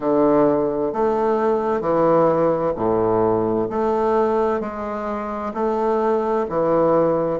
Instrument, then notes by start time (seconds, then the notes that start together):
bassoon
0.00 D3
0.92 A3
1.80 E3
2.76 A2
3.69 A3
4.60 G#3
5.53 A3
6.49 E3